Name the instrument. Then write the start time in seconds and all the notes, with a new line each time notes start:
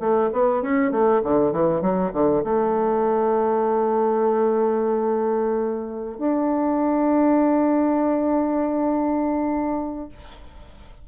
bassoon
0.00 A3
0.33 B3
0.62 C#4
0.92 A3
1.24 D3
1.52 E3
1.82 F#3
2.14 D3
2.44 A3
6.19 D4